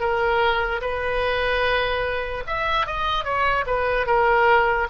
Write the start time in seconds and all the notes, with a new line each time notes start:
0.00 A#4
0.81 B4
2.47 E5
2.86 D#5
3.24 C#5
3.67 B4
4.07 A#4